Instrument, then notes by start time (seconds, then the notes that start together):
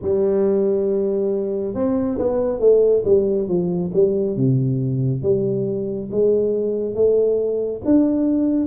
tuba
0.02 G3
1.74 C4
2.18 B3
2.59 A3
3.04 G3
3.47 F3
3.93 G3
4.36 C3
5.22 G3
6.11 G#3
6.94 A3
7.85 D4